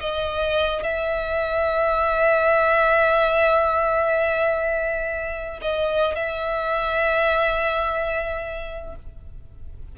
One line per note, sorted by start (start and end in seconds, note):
0.00 0.84 D#5
0.84 5.60 E5
5.62 6.15 D#5
6.15 8.96 E5